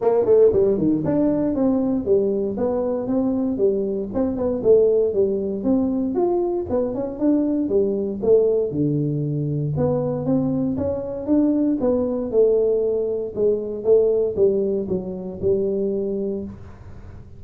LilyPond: \new Staff \with { instrumentName = "tuba" } { \time 4/4 \tempo 4 = 117 ais8 a8 g8 dis8 d'4 c'4 | g4 b4 c'4 g4 | c'8 b8 a4 g4 c'4 | f'4 b8 cis'8 d'4 g4 |
a4 d2 b4 | c'4 cis'4 d'4 b4 | a2 gis4 a4 | g4 fis4 g2 | }